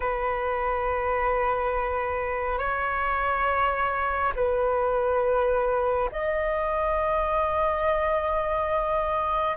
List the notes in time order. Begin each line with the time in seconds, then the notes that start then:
0.00 B4
2.58 C#5
4.35 B4
6.11 D#5